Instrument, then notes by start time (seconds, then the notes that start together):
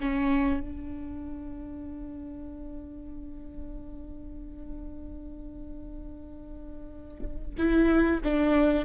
viola
0.00 C#4
0.60 D4
7.58 E4
8.24 D4